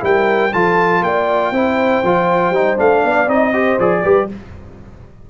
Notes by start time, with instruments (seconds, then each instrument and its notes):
0.00 tuba G3, trombone E4, horn A#4, trumpet G5
0.53 tuba F3, trombone F4, horn A4, trumpet A5
1.02 tuba A#3, horn D5, trumpet G5
1.51 tuba C4, trombone E4, horn C5
2.04 tuba F3, trombone F4
2.51 tuba G3, trombone D#4
2.77 tuba A3, trombone D4, trumpet F5
3.04 tuba B3, horn D5
3.28 tuba C4, trombone D#4, trumpet D#5
3.52 trombone G4, horn C5
3.79 tuba F3, trombone G#4, trumpet D5
4.03 tuba G3, trombone G4, horn B4